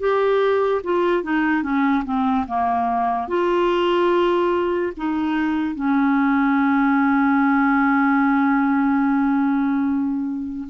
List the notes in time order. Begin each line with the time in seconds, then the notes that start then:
0.00 G4
0.84 F4
1.24 D#4
1.63 C#4
2.05 C4
2.47 A#3
3.28 F4
4.97 D#4
5.75 C#4